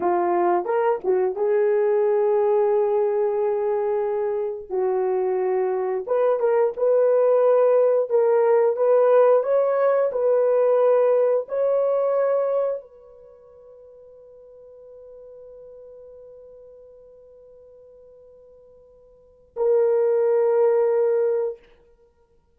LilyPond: \new Staff \with { instrumentName = "horn" } { \time 4/4 \tempo 4 = 89 f'4 ais'8 fis'8 gis'2~ | gis'2. fis'4~ | fis'4 b'8 ais'8 b'2 | ais'4 b'4 cis''4 b'4~ |
b'4 cis''2 b'4~ | b'1~ | b'1~ | b'4 ais'2. | }